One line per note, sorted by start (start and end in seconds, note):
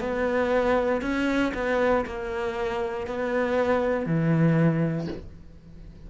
0.00 1.02 B3
1.02 1.53 C#4
1.54 2.05 B3
2.06 3.07 A#3
3.07 4.06 B3
4.06 5.08 E3